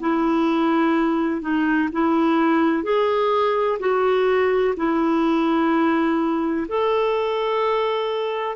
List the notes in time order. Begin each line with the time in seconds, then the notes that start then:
0.00 E4
1.41 D#4
1.92 E4
2.83 G#4
3.79 F#4
4.76 E4
6.68 A4